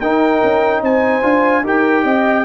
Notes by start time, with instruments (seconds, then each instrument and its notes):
0.00 tuba D#4, trombone D#4, horn A#4, trumpet G5
0.43 tuba C#4
0.81 tuba C4, horn C5, trumpet G#5
1.22 tuba D4, trombone F4
1.63 tuba D#4, trombone G4, horn A#4, trumpet G5
2.04 tuba C4, horn D#5